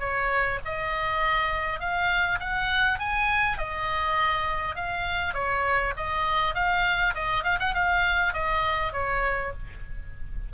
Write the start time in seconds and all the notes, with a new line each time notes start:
0.00 C#5
0.65 D#5
1.80 F5
2.40 F#5
2.99 G#5
3.58 D#5
4.76 F5
5.34 C#5
5.97 D#5
6.55 F5
7.15 D#5
7.44 F5
7.60 F#5
7.74 F5
8.34 D#5
8.93 C#5